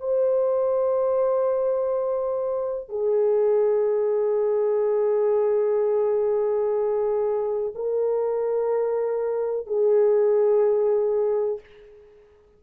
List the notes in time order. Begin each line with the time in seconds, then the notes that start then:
0.00 C5
2.89 G#4
7.75 A#4
9.66 G#4